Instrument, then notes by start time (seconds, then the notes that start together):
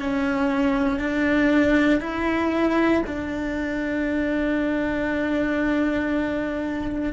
cello
0.00 C#4
1.00 D4
2.01 E4
3.06 D4